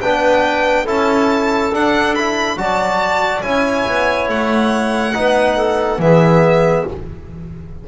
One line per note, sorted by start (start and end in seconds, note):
0.00 0.87 B3
0.00 0.86 D4
0.00 0.85 B4
0.00 0.86 G5
0.85 1.72 C#4
0.85 1.72 E4
0.85 2.56 A4
0.85 1.74 A5
1.72 2.57 D4
1.72 2.17 D4
1.72 2.15 F#5
2.15 2.57 E4
2.15 2.58 B5
2.57 3.42 F#3
2.57 3.43 F#4
2.57 3.44 D5
2.57 3.42 A5
3.42 3.86 C#4
3.42 5.14 E4
3.42 5.16 C#5
3.42 4.28 G#5
3.87 4.28 B3
4.28 5.14 A3
4.28 6.01 F#5
5.14 5.99 B3
5.14 6.00 D#4
5.14 5.57 B4
5.57 6.00 A4
5.99 6.85 E3
5.99 6.87 B3
5.99 6.88 G#4
5.99 6.87 E5